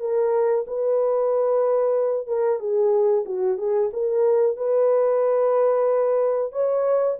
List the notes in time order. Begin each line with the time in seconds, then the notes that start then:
0.00 A#4
0.68 B4
2.27 A#4
2.60 G#4
3.26 F#4
3.58 G#4
3.93 A#4
4.57 B4
6.53 C#5